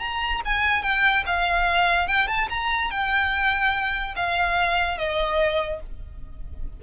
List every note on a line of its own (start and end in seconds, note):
0.00 0.41 A#5
0.46 0.83 G#5
0.83 1.24 G5
1.27 2.08 F5
2.08 2.28 G5
2.28 2.49 A5
2.50 2.91 A#5
2.91 4.15 G5
4.16 4.98 F5
4.98 5.81 D#5